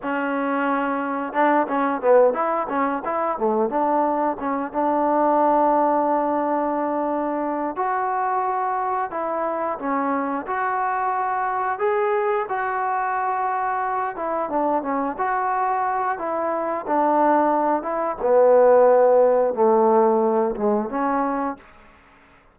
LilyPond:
\new Staff \with { instrumentName = "trombone" } { \time 4/4 \tempo 4 = 89 cis'2 d'8 cis'8 b8 e'8 | cis'8 e'8 a8 d'4 cis'8 d'4~ | d'2.~ d'8 fis'8~ | fis'4. e'4 cis'4 fis'8~ |
fis'4. gis'4 fis'4.~ | fis'4 e'8 d'8 cis'8 fis'4. | e'4 d'4. e'8 b4~ | b4 a4. gis8 cis'4 | }